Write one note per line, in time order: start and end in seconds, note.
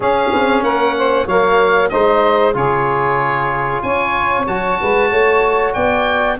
0.00 0.29 C#4
0.00 1.28 C#4
0.00 0.63 G#4
0.00 0.63 F5
0.32 0.62 C4
0.62 1.26 A#3
0.62 0.95 A#4
0.62 1.27 F#5
0.97 1.25 C5
1.25 1.90 F#3
1.25 1.90 A#3
1.25 1.89 C#5
1.25 1.89 F5
1.89 2.55 G#3
1.89 2.53 D#4
1.89 2.54 C5
1.89 2.53 D#5
2.53 3.82 C#3
2.53 4.45 F4
2.53 3.82 G#4
2.53 3.82 C#5
3.82 4.46 C#4
3.82 4.79 C#5
3.82 4.46 G#5
4.47 4.79 F#3
4.47 6.39 F#4
4.47 5.73 A5
4.80 5.11 G#3
4.80 5.09 B4
5.09 5.75 A3
5.09 5.73 C#5
5.73 6.39 B3
5.73 6.37 D5
5.73 6.37 G5